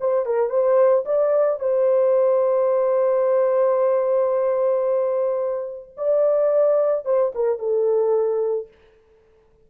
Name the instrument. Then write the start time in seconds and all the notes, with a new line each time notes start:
horn
0.00 C5
0.26 A#4
0.50 C5
1.05 D5
1.60 C5
5.98 D5
7.05 C5
7.35 A#4
7.59 A4